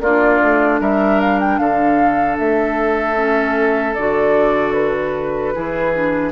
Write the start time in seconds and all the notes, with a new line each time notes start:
0.00 A#3 D4 F4 D5
0.42 A3
0.80 G3 A#4 E5
1.20 F5
1.40 G5
1.58 D3 A4 F5
2.38 A3 E5
3.16 C#4
3.95 D3 F#4 D5
4.73 B4
5.54 E3 E4 G#4
5.95 D4